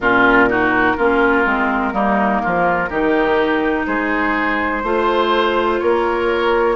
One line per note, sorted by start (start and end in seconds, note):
0.00 0.95 A#2
0.00 0.49 C#4
0.00 0.49 F4
0.00 3.86 A#4
0.49 0.97 D#4
0.49 0.96 F#4
0.96 1.45 A#3
0.96 1.44 C#4
0.96 1.93 F4
1.44 1.92 G#3
1.44 1.92 C4
1.92 2.41 G3
1.92 2.89 A#3
1.92 2.42 D#4
2.43 2.90 F3
2.43 2.89 F4
2.89 3.86 D#3
2.89 4.83 D#4
2.89 3.86 G4
3.86 4.83 G#3
3.86 4.83 G#4
3.86 5.79 C5
4.83 5.80 A3
4.83 6.75 F4
4.83 5.80 C5
5.79 6.75 A#3
5.79 6.75 A#4
5.79 6.75 C#5